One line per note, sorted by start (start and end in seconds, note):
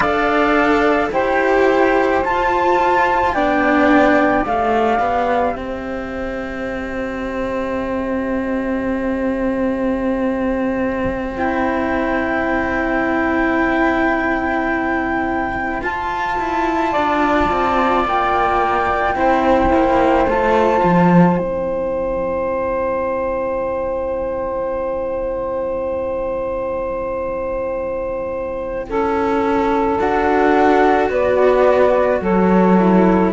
0.00 1.09 D4
0.00 1.12 A4
0.00 1.11 D5
0.00 1.10 F5
1.11 2.22 E4
1.11 2.23 G4
1.11 3.33 C5
1.11 2.24 G5
2.24 3.35 F4
2.24 3.34 F4
2.24 3.33 A5
3.33 4.45 B3
3.33 4.41 D4
3.33 5.55 D5
3.33 4.44 G5
4.41 4.99 A3
4.41 11.36 G4
4.41 5.56 F5
4.99 5.55 B3
5.55 15.81 C4
5.55 16.91 C5
5.55 11.38 E5
11.36 15.81 E4
11.36 15.82 G5
15.81 16.37 F4
15.81 19.15 F4
15.81 18.05 A5
16.39 16.94 E4
16.91 17.50 D4
16.91 19.14 D5
17.50 18.05 C4
18.05 19.14 A#3
18.05 20.29 G5
19.14 19.70 C4
19.14 20.26 E4
19.14 28.88 C5
19.74 20.25 A#3
20.25 20.81 A3
20.25 21.37 F4
20.25 21.38 A5
20.83 21.39 F3
21.37 28.89 C4
21.37 29.98 E4
21.37 29.99 G5
28.88 29.99 C#4
28.88 31.10 A4
29.99 31.09 D4
29.99 32.78 F#4
29.99 31.10 F#5
31.09 32.20 B3
31.09 32.21 B4
31.09 32.22 D5
32.21 33.32 F#3
32.21 33.32 A4
32.21 33.32 C#5
32.78 33.32 E4